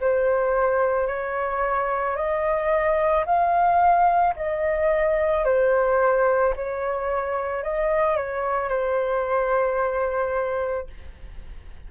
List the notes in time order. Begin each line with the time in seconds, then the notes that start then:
0.00 C5
1.07 C#5
2.16 D#5
3.25 F5
4.36 D#5
5.44 C5
6.55 C#5
7.63 D#5
8.16 C#5
8.68 C5